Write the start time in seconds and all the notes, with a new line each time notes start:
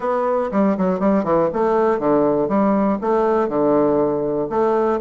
0.00 B3
0.51 G3
0.77 F#3
0.99 G3
1.24 E3
1.53 A3
1.99 D3
2.48 G3
3.01 A3
3.48 D3
4.49 A3